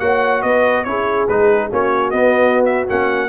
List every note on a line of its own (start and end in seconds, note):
0.00 0.44 A#3
0.00 0.86 F#4
0.00 0.44 C#5
0.00 0.42 F#5
0.42 0.86 B3
0.42 0.87 B4
0.42 0.85 D#5
0.85 1.29 C#4
0.85 1.29 E4
0.85 1.71 G#4
0.85 1.27 C#5
1.29 1.72 G#3
1.29 1.71 D#4
1.29 1.71 B4
1.71 2.13 A#3
1.71 2.13 C#4
1.71 3.29 F#4
1.71 2.11 C#5
2.11 2.88 B3
2.11 2.64 D#5
2.66 2.87 E5
2.89 3.29 A#3
2.89 3.29 C#4
2.89 3.29 F#5